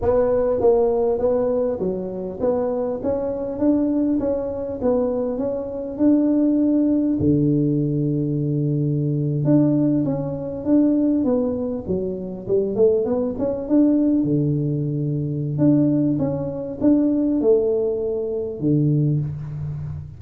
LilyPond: \new Staff \with { instrumentName = "tuba" } { \time 4/4 \tempo 4 = 100 b4 ais4 b4 fis4 | b4 cis'4 d'4 cis'4 | b4 cis'4 d'2 | d2.~ d8. d'16~ |
d'8. cis'4 d'4 b4 fis16~ | fis8. g8 a8 b8 cis'8 d'4 d16~ | d2 d'4 cis'4 | d'4 a2 d4 | }